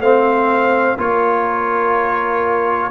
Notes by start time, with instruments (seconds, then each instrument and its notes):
0.00 tuba A3, trombone C4, horn C5, trumpet F5
0.98 tuba A#3, trombone F4, horn A#4, trumpet C#5